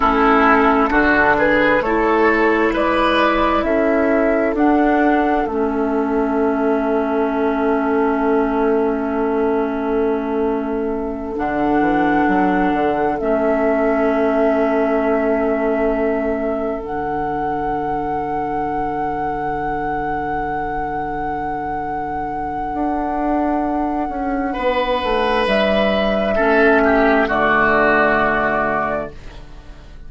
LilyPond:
<<
  \new Staff \with { instrumentName = "flute" } { \time 4/4 \tempo 4 = 66 a'4. b'8 cis''4 d''4 | e''4 fis''4 e''2~ | e''1~ | e''8 fis''2 e''4.~ |
e''2~ e''8 fis''4.~ | fis''1~ | fis''1 | e''2 d''2 | }
  \new Staff \with { instrumentName = "oboe" } { \time 4/4 e'4 fis'8 gis'8 a'4 b'4 | a'1~ | a'1~ | a'1~ |
a'1~ | a'1~ | a'2. b'4~ | b'4 a'8 g'8 fis'2 | }
  \new Staff \with { instrumentName = "clarinet" } { \time 4/4 cis'4 d'4 e'2~ | e'4 d'4 cis'2~ | cis'1~ | cis'8 d'2 cis'4.~ |
cis'2~ cis'8 d'4.~ | d'1~ | d'1~ | d'4 cis'4 a2 | }
  \new Staff \with { instrumentName = "bassoon" } { \time 4/4 a4 d4 a4 gis4 | cis'4 d'4 a2~ | a1~ | a8 d8 e8 fis8 d8 a4.~ |
a2~ a8 d4.~ | d1~ | d4 d'4. cis'8 b8 a8 | g4 a4 d2 | }
>>